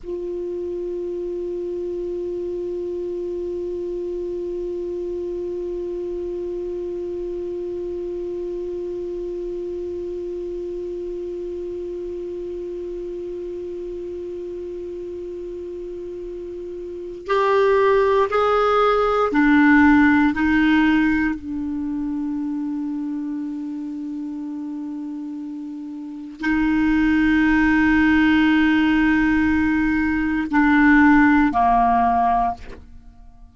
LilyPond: \new Staff \with { instrumentName = "clarinet" } { \time 4/4 \tempo 4 = 59 f'1~ | f'1~ | f'1~ | f'1~ |
f'4 g'4 gis'4 d'4 | dis'4 d'2.~ | d'2 dis'2~ | dis'2 d'4 ais4 | }